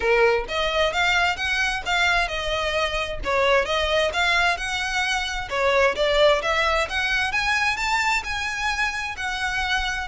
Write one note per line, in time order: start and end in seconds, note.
0.00 0.45 A#4
0.48 0.92 D#5
0.92 1.36 F5
1.36 1.82 F#5
1.85 2.28 F5
2.28 3.19 D#5
3.24 3.65 C#5
3.65 4.11 D#5
4.13 4.57 F5
4.57 5.48 F#5
5.49 5.95 C#5
5.95 6.41 D5
6.42 6.88 E5
6.89 7.32 F#5
7.32 7.76 G#5
7.76 8.22 A5
8.24 9.15 G#5
9.16 10.08 F#5